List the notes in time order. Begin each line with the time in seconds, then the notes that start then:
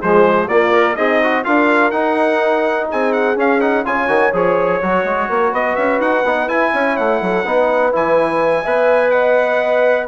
0.00 F3 G#3 G#4 C5
0.48 A#3 F4 D5
0.72 A#4
0.96 C4 D#4 G#4 D#5
1.23 F#4
1.44 D4 F4 A#4 F5
1.91 D#4 F#5
2.90 C4 G#4 G#5
3.13 F#5
3.36 C#4 F5
3.61 D#4 F#5
3.85 C#3 F4 C#5 G#5
4.08 D#3 F#4
4.33 F3 G#4 C#5
4.82 F#3 F#4
5.04 G#3
5.29 A#3 A#4
5.52 B3 B4 D#5
5.76 C#4 E5
6.00 D#4 F#5
6.24 B3 D#4
6.48 E4 G#5
6.73 C#4 C#5
6.97 A3 F#5
7.22 F#3 A4
7.45 B3 D#4 B4
7.92 E3 E4 G#5
8.62 B3 B4 E5
9.11 D#5 F#5